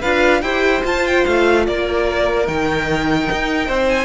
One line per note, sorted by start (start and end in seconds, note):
0.00 0.42 D4
0.00 0.43 F4
0.00 0.41 B4
0.00 0.42 F5
0.42 0.82 E4
0.42 0.84 G4
0.42 1.64 C5
0.42 0.82 G5
0.84 2.45 F4
0.84 1.25 F4
0.84 1.06 A5
1.06 1.25 G5
1.25 1.67 A3
1.25 1.65 F5
1.66 2.48 A#3
1.66 3.67 A#4
1.66 2.47 D5
2.45 3.29 D#3
2.45 4.05 D#4
2.45 3.89 G5
3.31 3.68 D#4
3.67 4.05 C4
3.67 4.05 C5
3.89 4.05 G#5